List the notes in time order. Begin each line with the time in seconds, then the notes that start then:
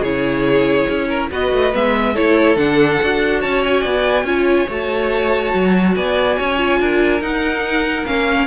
0.00 C#3 E4 G#4 C#5
0.88 C#4
1.08 A#4
1.31 B3 F#4 B4 D#5
1.52 A3
1.72 G#3 B3 E5
2.13 A3 E4 A4 C#5
2.56 D3 D4 F#5
3.02 D4 F#4
3.40 C#4 C#5 A5
3.64 G#5
3.81 B3 D5
4.24 C#4 F4 C#5
4.69 A3 F#4 A5
5.53 F#3
5.95 B3 D5 G#5
6.37 C#4 C#5
6.57 F4
6.80 D4 A#4
7.21 D#4 F#5
8.06 A#3 C#4 F5